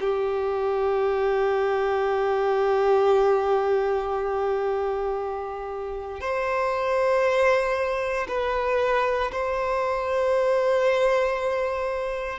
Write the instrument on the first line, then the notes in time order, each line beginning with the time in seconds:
violin
0.00 G4
6.20 C5
8.28 B4
9.32 C5